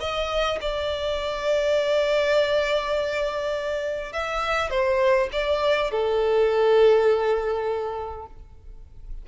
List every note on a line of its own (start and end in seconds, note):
0.00 0.59 D#5
0.60 4.12 D5
4.12 4.70 E5
4.70 5.29 C5
5.32 5.91 D5
5.91 8.26 A4